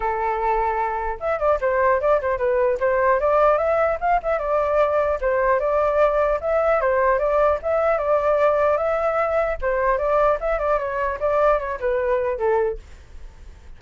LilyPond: \new Staff \with { instrumentName = "flute" } { \time 4/4 \tempo 4 = 150 a'2. e''8 d''8 | c''4 d''8 c''8 b'4 c''4 | d''4 e''4 f''8 e''8 d''4~ | d''4 c''4 d''2 |
e''4 c''4 d''4 e''4 | d''2 e''2 | c''4 d''4 e''8 d''8 cis''4 | d''4 cis''8 b'4. a'4 | }